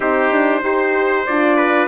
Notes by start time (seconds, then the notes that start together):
0.00 C4 D#4 G4 C5
0.31 D4
0.62 D#4 G4 C5
1.26 D4 F4 D5
1.56 B4